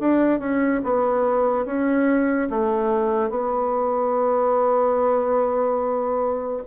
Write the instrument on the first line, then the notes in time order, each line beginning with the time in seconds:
bassoon
0.00 D4
0.40 C#4
0.84 B3
1.66 C#4
2.50 A3
3.30 B3